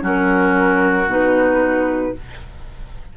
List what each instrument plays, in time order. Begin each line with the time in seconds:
0.00 bassoon F#3, clarinet C#4, oboe F#4
0.06 flute A#4
1.06 bassoon B2, clarinet D#4, flute B4